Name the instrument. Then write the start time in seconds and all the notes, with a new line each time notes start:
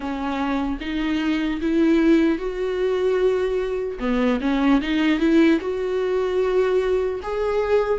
viola
0.00 C#4
0.80 D#4
1.61 E4
2.38 F#4
3.99 B3
4.40 C#4
4.81 D#4
5.19 E4
5.60 F#4
7.23 G#4